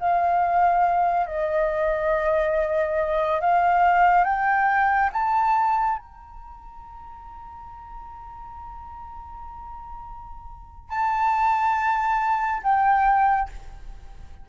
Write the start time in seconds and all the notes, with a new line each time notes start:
0.00 F5
1.27 D#5
3.41 F5
4.24 G5
5.13 A5
5.98 A#5
10.90 A5
12.64 G5